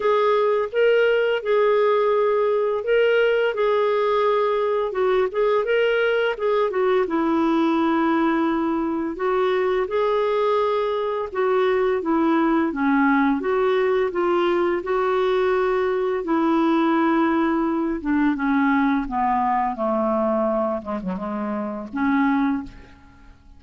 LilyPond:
\new Staff \with { instrumentName = "clarinet" } { \time 4/4 \tempo 4 = 85 gis'4 ais'4 gis'2 | ais'4 gis'2 fis'8 gis'8 | ais'4 gis'8 fis'8 e'2~ | e'4 fis'4 gis'2 |
fis'4 e'4 cis'4 fis'4 | f'4 fis'2 e'4~ | e'4. d'8 cis'4 b4 | a4. gis16 fis16 gis4 cis'4 | }